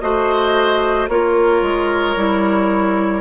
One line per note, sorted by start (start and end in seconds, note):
0.00 1.08 A3
0.00 1.08 F#4
0.00 1.10 C5
0.00 1.07 D#5
1.08 1.62 A#3
1.08 2.17 F4
1.08 3.21 A#4
1.08 3.21 C#5
1.62 2.15 G#3
2.16 3.21 G3
2.16 3.21 E4